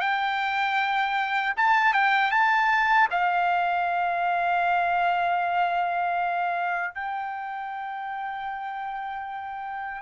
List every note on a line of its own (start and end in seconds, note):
0.00 1.54 G5
1.56 1.93 A5
1.93 2.31 G5
2.31 3.08 A5
3.10 6.94 F5
6.94 10.01 G5